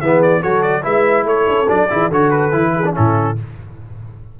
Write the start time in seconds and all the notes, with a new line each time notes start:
0.00 E3 B3 G#4 E5
0.22 D5
0.40 F#3 F#4 A4 C#5
0.62 D5
0.82 G#3 E4 B4 E5
1.24 A3 A4 C#5
1.47 C#4
1.67 F#3 D4 D5
1.90 E3 E4 G#4
2.08 D3 F#4 A4 C#5
2.30 B4
2.52 E3 E4
2.75 G#4
2.85 D4
2.93 A2 C#4 E4 A4